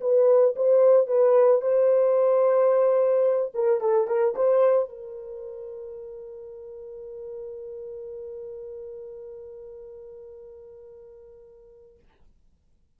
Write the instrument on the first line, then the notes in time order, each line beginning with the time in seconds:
horn
0.00 B4
0.56 C5
1.07 B4
1.61 C5
3.54 A#4
3.80 A4
4.07 A#4
4.35 C5
4.89 A#4